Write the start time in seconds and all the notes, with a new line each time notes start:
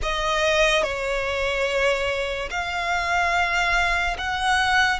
0.02 D#5
0.83 C#5
2.50 F5
4.18 F#5